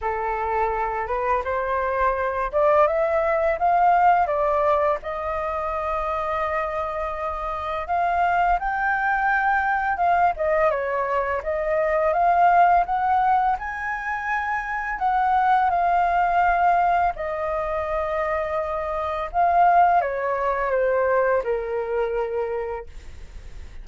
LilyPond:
\new Staff \with { instrumentName = "flute" } { \time 4/4 \tempo 4 = 84 a'4. b'8 c''4. d''8 | e''4 f''4 d''4 dis''4~ | dis''2. f''4 | g''2 f''8 dis''8 cis''4 |
dis''4 f''4 fis''4 gis''4~ | gis''4 fis''4 f''2 | dis''2. f''4 | cis''4 c''4 ais'2 | }